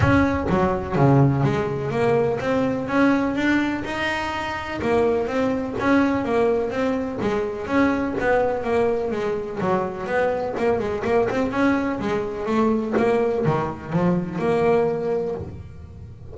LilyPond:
\new Staff \with { instrumentName = "double bass" } { \time 4/4 \tempo 4 = 125 cis'4 fis4 cis4 gis4 | ais4 c'4 cis'4 d'4 | dis'2 ais4 c'4 | cis'4 ais4 c'4 gis4 |
cis'4 b4 ais4 gis4 | fis4 b4 ais8 gis8 ais8 c'8 | cis'4 gis4 a4 ais4 | dis4 f4 ais2 | }